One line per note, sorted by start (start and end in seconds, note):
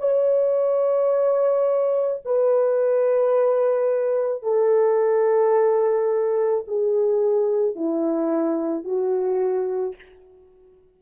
0.00 2.22 C#5
2.25 4.43 B4
4.43 6.66 A4
6.68 7.76 G#4
7.76 8.85 E4
8.85 9.96 F#4